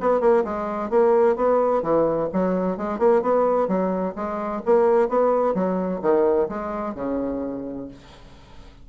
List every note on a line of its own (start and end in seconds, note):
0.00 0.20 B3
0.20 0.43 A#3
0.44 0.90 G#3
0.90 1.36 A#3
1.36 1.82 B3
1.82 2.29 E3
2.32 2.77 F#3
2.77 2.99 G#3
2.99 3.22 A#3
3.22 3.67 B3
3.67 4.14 F#3
4.15 4.62 G#3
4.65 5.08 A#3
5.08 5.54 B3
5.54 6.00 F#3
6.02 6.48 D#3
6.48 6.95 G#3
6.95 7.88 C#3